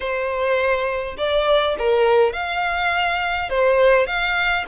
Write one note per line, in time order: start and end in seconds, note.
0.00 1.16 C5
1.17 1.76 D5
1.78 2.32 A#4
2.32 3.49 F5
3.49 4.06 C5
4.06 4.64 F5